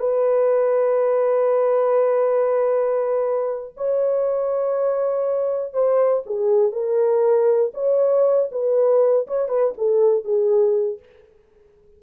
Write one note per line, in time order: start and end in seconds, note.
0.00 3.75 B4
3.77 5.74 C#5
5.74 6.24 C5
6.27 6.72 G#4
6.72 7.72 A#4
7.75 8.50 C#5
8.52 9.27 B4
9.28 9.49 C#5
9.49 9.74 B4
9.78 10.25 A4
10.25 11.00 G#4